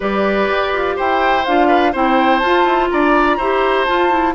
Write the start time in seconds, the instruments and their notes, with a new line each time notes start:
0.00 bassoon G3, clarinet G4, oboe B4, flute D5
0.50 bassoon G4
0.72 bassoon F4
0.96 bassoon E4, oboe C5, flute G5
1.45 bassoon D4, clarinet F4, flute F5
1.67 oboe B4
1.92 bassoon C4, clarinet E4, oboe C5, flute G5
2.38 bassoon F4, flute A5
2.44 clarinet F4
2.65 bassoon E4
2.90 bassoon D4, oboe D5, flute A#5
3.37 bassoon E4, clarinet G4, oboe C5
3.85 clarinet F4, bassoon F4, flute A5
4.10 clarinet E4